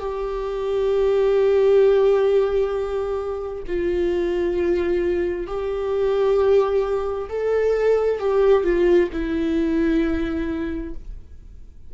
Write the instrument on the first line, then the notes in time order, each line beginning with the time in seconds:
viola
0.00 G4
3.68 F4
5.48 G4
7.29 A4
8.20 G4
8.64 F4
9.13 E4